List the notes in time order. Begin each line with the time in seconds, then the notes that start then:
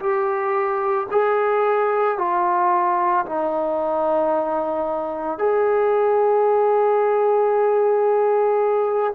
0.00 G4
1.12 G#4
2.19 F4
3.26 D#4
5.39 G#4